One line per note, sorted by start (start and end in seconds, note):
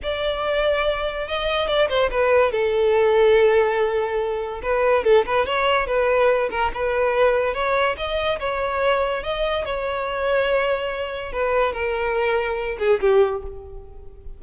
0.02 1.27 D5
1.27 1.67 D#5
1.67 1.88 D5
1.89 2.10 C5
2.11 2.51 B4
2.51 4.61 A4
4.62 5.04 B4
5.04 5.25 A4
5.26 5.45 B4
5.45 5.86 C#5
5.86 6.49 B4
6.50 6.71 A#4
6.73 7.54 B4
7.54 7.96 C#5
7.97 8.39 D#5
8.39 9.23 C#5
9.23 9.65 D#5
9.65 11.32 C#5
11.32 11.72 B4
11.72 12.77 A#4
12.79 13.00 G#4
13.00 13.42 G4